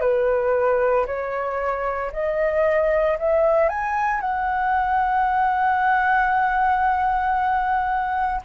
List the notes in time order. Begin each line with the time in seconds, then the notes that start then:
0.00 B4
1.06 C#5
2.12 D#5
3.18 E5
3.68 G#5
4.20 F#5